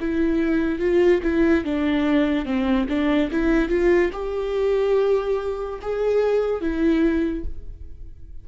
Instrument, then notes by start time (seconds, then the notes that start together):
viola
0.00 E4
0.79 F4
1.23 E4
1.64 D4
2.45 C4
2.89 D4
3.31 E4
3.69 F4
4.13 G4
5.81 G#4
6.61 E4